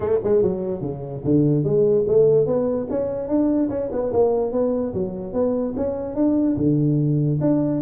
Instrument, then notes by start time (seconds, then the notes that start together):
tuba
0.00 A3
0.23 G#3
0.42 F#3
0.81 C#3
1.24 D3
1.64 G#3
2.07 A3
2.46 B3
2.90 C#4
3.28 D4
3.69 C#4
3.92 B3
4.12 A#3
4.52 B3
4.93 F#3
5.33 B3
5.76 C#4
6.15 D4
6.56 D3
7.40 D4